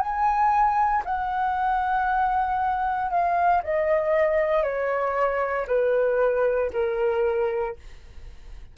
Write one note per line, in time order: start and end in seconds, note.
0.00 1.03 G#5
1.05 3.11 F#5
3.11 3.63 F5
3.63 4.63 D#5
4.63 5.66 C#5
5.68 6.71 B4
6.73 7.76 A#4